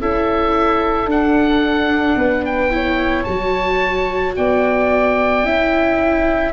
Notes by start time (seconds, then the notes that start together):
0.00 C#4 E4 A4 E5
1.05 D4 F#5
2.15 B3 B4
2.45 G5
2.71 E4 C#5
3.24 F#3 F#4 A5
4.36 B3 D5 G5
5.44 C#4 E4 E5